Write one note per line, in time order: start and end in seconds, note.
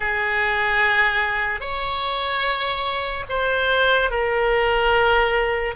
0.00 1.60 G#4
1.60 3.24 C#5
3.29 4.10 C5
4.10 5.74 A#4